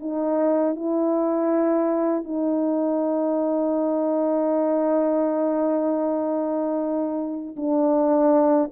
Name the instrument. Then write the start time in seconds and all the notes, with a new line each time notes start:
horn
0.00 D#4
0.76 E4
2.24 D#4
7.56 D4